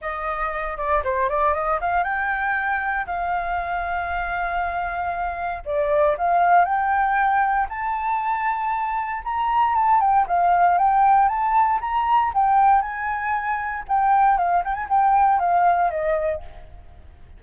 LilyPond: \new Staff \with { instrumentName = "flute" } { \time 4/4 \tempo 4 = 117 dis''4. d''8 c''8 d''8 dis''8 f''8 | g''2 f''2~ | f''2. d''4 | f''4 g''2 a''4~ |
a''2 ais''4 a''8 g''8 | f''4 g''4 a''4 ais''4 | g''4 gis''2 g''4 | f''8 g''16 gis''16 g''4 f''4 dis''4 | }